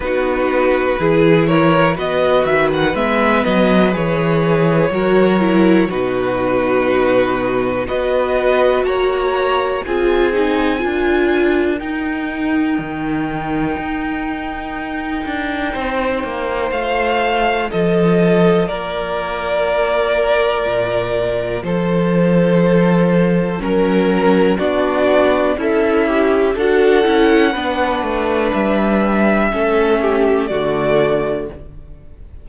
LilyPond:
<<
  \new Staff \with { instrumentName = "violin" } { \time 4/4 \tempo 4 = 61 b'4. cis''8 dis''8 e''16 fis''16 e''8 dis''8 | cis''2 b'2 | dis''4 ais''4 gis''2 | g''1~ |
g''4 f''4 dis''4 d''4~ | d''2 c''2 | ais'4 d''4 e''4 fis''4~ | fis''4 e''2 d''4 | }
  \new Staff \with { instrumentName = "violin" } { \time 4/4 fis'4 gis'8 ais'8 b'2~ | b'4 ais'4 fis'2 | b'4 cis''4 gis'4 ais'4~ | ais'1 |
c''2 a'4 ais'4~ | ais'2 a'2 | ais'4 fis'4 e'4 a'4 | b'2 a'8 g'8 fis'4 | }
  \new Staff \with { instrumentName = "viola" } { \time 4/4 dis'4 e'4 fis'4 b4 | gis'4 fis'8 e'8 dis'2 | fis'2 f'8 dis'8 f'4 | dis'1~ |
dis'4 f'2.~ | f'1 | cis'4 d'4 a'8 g'8 fis'8 e'8 | d'2 cis'4 a4 | }
  \new Staff \with { instrumentName = "cello" } { \time 4/4 b4 e4 b8 dis8 gis8 fis8 | e4 fis4 b,2 | b4 ais4 c'4 d'4 | dis'4 dis4 dis'4. d'8 |
c'8 ais8 a4 f4 ais4~ | ais4 ais,4 f2 | fis4 b4 cis'4 d'8 cis'8 | b8 a8 g4 a4 d4 | }
>>